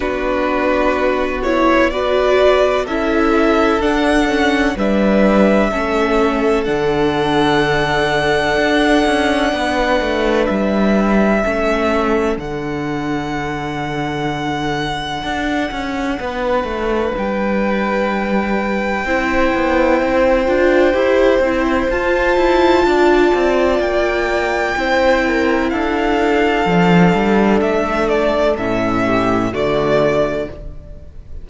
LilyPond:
<<
  \new Staff \with { instrumentName = "violin" } { \time 4/4 \tempo 4 = 63 b'4. cis''8 d''4 e''4 | fis''4 e''2 fis''4~ | fis''2. e''4~ | e''4 fis''2.~ |
fis''2 g''2~ | g''2. a''4~ | a''4 g''2 f''4~ | f''4 e''8 d''8 e''4 d''4 | }
  \new Staff \with { instrumentName = "violin" } { \time 4/4 fis'2 b'4 a'4~ | a'4 b'4 a'2~ | a'2 b'2 | a'1~ |
a'4 b'2. | c''1 | d''2 c''8 ais'8 a'4~ | a'2~ a'8 g'8 fis'4 | }
  \new Staff \with { instrumentName = "viola" } { \time 4/4 d'4. e'8 fis'4 e'4 | d'8 cis'8 d'4 cis'4 d'4~ | d'1 | cis'4 d'2.~ |
d'1 | e'4. f'8 g'8 e'8 f'4~ | f'2 e'2 | d'2 cis'4 a4 | }
  \new Staff \with { instrumentName = "cello" } { \time 4/4 b2. cis'4 | d'4 g4 a4 d4~ | d4 d'8 cis'8 b8 a8 g4 | a4 d2. |
d'8 cis'8 b8 a8 g2 | c'8 b8 c'8 d'8 e'8 c'8 f'8 e'8 | d'8 c'8 ais4 c'4 d'4 | f8 g8 a4 a,4 d4 | }
>>